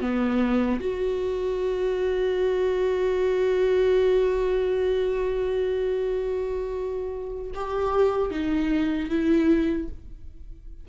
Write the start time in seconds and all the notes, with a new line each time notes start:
0.00 B3
0.80 F#4
7.54 G4
8.30 D#4
9.09 E4